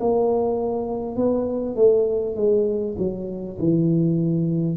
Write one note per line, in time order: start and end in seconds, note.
0.00 1.16 A#3
1.16 1.76 B3
1.76 2.36 A3
2.36 2.96 G#3
2.98 3.58 F#3
3.58 4.77 E3